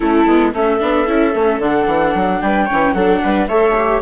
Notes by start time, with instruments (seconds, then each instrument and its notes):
0.00 bassoon A3, viola C#4 E4, flute A4
0.26 bassoon G#3, viola B3
0.53 bassoon A3, viola C#4 A4, flute E5
0.80 bassoon B3, viola D4
1.06 bassoon C#4, viola E4
1.34 bassoon A3, viola C#4
1.59 bassoon D3, viola D4, flute F#5
1.86 bassoon E3
2.14 bassoon F#3
2.41 bassoon G3, viola B4, flute G5
2.65 viola C#4 C#5
2.72 bassoon E3
2.93 bassoon F#3, viola D4 A4, flute F#5
3.23 bassoon G3, viola B4
3.47 bassoon A3, viola A4 C#5, flute E5
3.77 viola G4